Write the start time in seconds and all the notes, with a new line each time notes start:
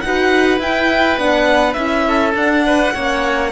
0.00 D#4 F#4 B4 F#5
0.58 E4 G5
1.17 B3 D4 F#5
1.73 C#4 E4 E5
2.08 A4
2.34 D4 F#5
2.66 B4
2.94 A#3 C#4 C#5